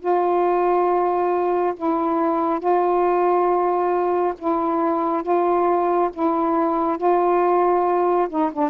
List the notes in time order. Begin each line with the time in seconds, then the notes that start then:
0.00 F4
1.76 E4
2.59 F4
4.38 E4
5.23 F4
6.13 E4
6.98 F4
8.29 D#4
8.53 D4